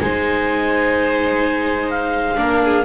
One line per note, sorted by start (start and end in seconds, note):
0.00 2.38 G#3
0.00 2.36 D#4
0.00 2.37 C5
0.00 1.90 G#5
1.90 2.85 F5
2.36 2.85 A#3
2.36 2.84 D4
2.36 2.61 A#4
2.64 2.85 G#4